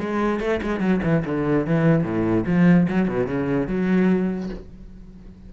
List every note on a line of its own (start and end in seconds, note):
0.00 0.40 G#3
0.40 0.60 A3
0.62 0.80 G#3
0.80 1.00 F#3
1.03 1.24 E3
1.25 1.66 D3
1.66 2.04 E3
2.04 2.45 A2
2.46 2.87 F3
2.89 3.08 F#3
3.08 3.26 B2
3.26 3.67 C#3
3.67 4.49 F#3